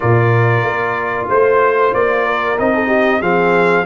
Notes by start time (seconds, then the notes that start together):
0.00 A#2 F4 A#4 D5
0.62 A#3
1.28 A3 C5
1.94 A#3 D5
2.25 A#4
2.57 C4 D#4 D#5
2.74 A4
2.86 G4
3.20 F3 C4 G#4 F5